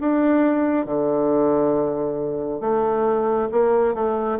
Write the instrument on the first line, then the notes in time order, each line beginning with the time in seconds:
bassoon
0.00 D4
0.85 D3
2.60 A3
3.51 A#3
3.94 A3